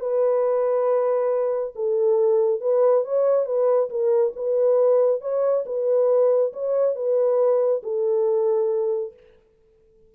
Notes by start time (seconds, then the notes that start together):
0.00 B4
1.76 A4
2.61 B4
3.05 C#5
3.46 B4
3.90 A#4
4.36 B4
5.21 C#5
5.66 B4
6.53 C#5
6.96 B4
7.83 A4